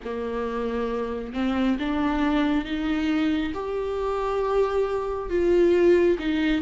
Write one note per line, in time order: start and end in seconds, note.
0.04 1.33 A#3
1.33 1.77 C4
1.79 2.64 D4
2.64 3.53 D#4
3.53 5.29 G4
5.29 6.17 F4
6.18 6.61 D#4